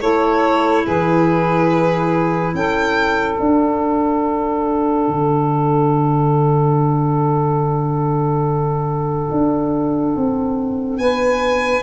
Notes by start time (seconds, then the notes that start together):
0.00 A3 E4 A4 C#5
0.83 E3 G#4 B4
2.53 C#4 A4 G5
3.38 D4 F#5
5.07 D3
9.31 D4
10.16 C4
10.98 B3 B4 G#5